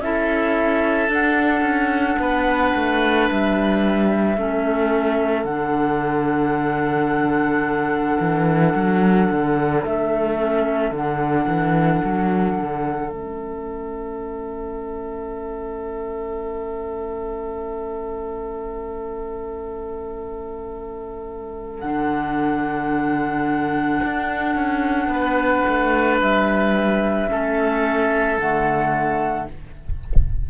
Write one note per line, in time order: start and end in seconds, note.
0.00 1.09 C#4
0.00 1.08 E4
0.00 2.21 A4
0.00 1.10 E5
1.08 4.36 D4
1.08 1.62 D4
1.08 3.29 F#5
1.62 2.16 C#4
2.19 2.74 B3
2.19 4.39 B4
2.75 3.30 A3
3.29 4.37 G3
3.29 5.45 E5
4.37 5.45 A3
4.37 5.47 C#4
4.37 25.12 A4
5.45 8.17 D3
5.45 10.39 D4
5.45 9.81 F#5
8.20 8.75 E3
8.75 9.30 F#3
9.31 9.85 D3
9.85 10.92 A3
9.85 10.94 E5
10.39 10.93 C#4
10.92 11.46 D3
10.92 13.12 D4
10.92 13.10 F#5
11.47 12.01 E3
12.05 12.58 F#3
12.58 13.11 D3
13.10 21.82 A3
13.10 21.84 C#4
13.10 21.80 E5
21.80 24.01 D3
21.80 27.29 D4
21.80 26.16 F#5
24.04 24.55 D4
24.55 25.08 C#4
25.08 25.62 B3
25.08 27.30 B4
25.68 26.21 A3
26.21 27.30 G3
26.21 28.38 E5
27.29 28.38 A3
27.29 28.38 C#4
27.29 29.50 A4
28.38 29.47 D3
28.38 29.50 A3
28.38 29.47 F#5